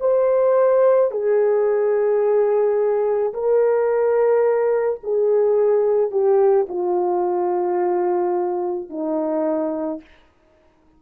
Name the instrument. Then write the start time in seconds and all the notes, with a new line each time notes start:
horn
0.00 C5
1.11 G#4
3.33 A#4
5.03 G#4
6.11 G4
6.69 F4
8.90 D#4